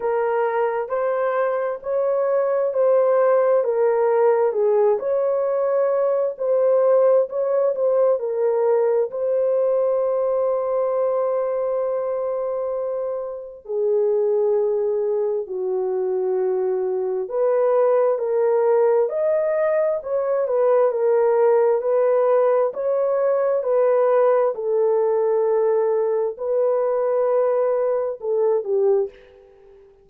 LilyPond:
\new Staff \with { instrumentName = "horn" } { \time 4/4 \tempo 4 = 66 ais'4 c''4 cis''4 c''4 | ais'4 gis'8 cis''4. c''4 | cis''8 c''8 ais'4 c''2~ | c''2. gis'4~ |
gis'4 fis'2 b'4 | ais'4 dis''4 cis''8 b'8 ais'4 | b'4 cis''4 b'4 a'4~ | a'4 b'2 a'8 g'8 | }